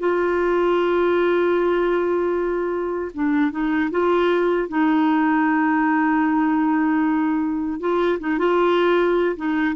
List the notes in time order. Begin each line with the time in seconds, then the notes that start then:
0.00 F4
3.14 D4
3.51 D#4
3.91 F4
4.69 D#4
7.80 F4
8.20 D#4
8.39 F4
9.36 D#4